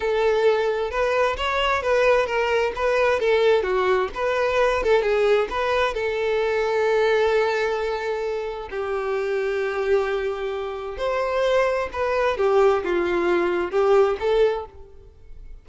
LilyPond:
\new Staff \with { instrumentName = "violin" } { \time 4/4 \tempo 4 = 131 a'2 b'4 cis''4 | b'4 ais'4 b'4 a'4 | fis'4 b'4. a'8 gis'4 | b'4 a'2.~ |
a'2. g'4~ | g'1 | c''2 b'4 g'4 | f'2 g'4 a'4 | }